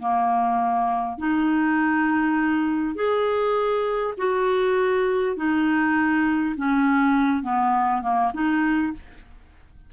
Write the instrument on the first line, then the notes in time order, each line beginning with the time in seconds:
clarinet
0.00 A#3
1.18 D#4
2.95 G#4
4.18 F#4
5.37 D#4
6.57 C#4
7.43 B3
8.03 A#3
8.34 D#4